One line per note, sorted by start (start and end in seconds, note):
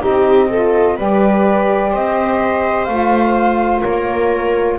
0.00 0.98 C4
0.00 0.48 D#4
0.00 0.49 G4
0.00 0.98 D#5
0.49 0.98 F4
0.49 0.96 A4
0.96 1.93 G3
0.96 2.88 G4
0.96 1.91 B4
0.96 1.94 D5
1.91 2.88 C4
1.91 3.81 C5
1.91 2.85 D#5
2.85 3.83 A3
2.85 4.79 F4
2.85 3.80 F5
3.81 4.79 A#3
3.81 4.76 A#4
3.81 4.78 C#5